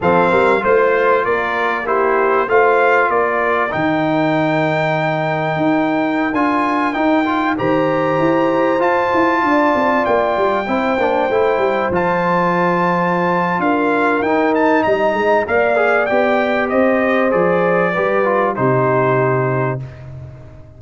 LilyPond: <<
  \new Staff \with { instrumentName = "trumpet" } { \time 4/4 \tempo 4 = 97 f''4 c''4 d''4 c''4 | f''4 d''4 g''2~ | g''2~ g''16 gis''4 g''8.~ | g''16 ais''2 a''4.~ a''16~ |
a''16 g''2. a''8.~ | a''2 f''4 g''8 a''8 | ais''4 f''4 g''4 dis''4 | d''2 c''2 | }
  \new Staff \with { instrumentName = "horn" } { \time 4/4 a'8 ais'8 c''4 ais'4 g'4 | c''4 ais'2.~ | ais'1~ | ais'16 c''2. d''8.~ |
d''4~ d''16 c''2~ c''8.~ | c''2 ais'2 | dis''4 d''2 c''4~ | c''4 b'4 g'2 | }
  \new Staff \with { instrumentName = "trombone" } { \time 4/4 c'4 f'2 e'4 | f'2 dis'2~ | dis'2~ dis'16 f'4 dis'8 f'16~ | f'16 g'2 f'4.~ f'16~ |
f'4~ f'16 e'8 d'8 e'4 f'8.~ | f'2. dis'4~ | dis'4 ais'8 gis'8 g'2 | gis'4 g'8 f'8 dis'2 | }
  \new Staff \with { instrumentName = "tuba" } { \time 4/4 f8 g8 a4 ais2 | a4 ais4 dis2~ | dis4 dis'4~ dis'16 d'4 dis'8.~ | dis'16 dis4 e'4 f'8 e'8 d'8 c'16~ |
c'16 ais8 g8 c'8 ais8 a8 g8 f8.~ | f2 d'4 dis'4 | g8 gis8 ais4 b4 c'4 | f4 g4 c2 | }
>>